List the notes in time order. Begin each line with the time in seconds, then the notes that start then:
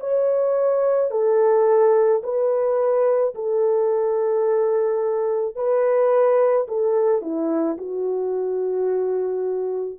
0.00 C#5
1.11 A4
2.23 B4
3.35 A4
5.56 B4
6.68 A4
7.22 E4
7.77 F#4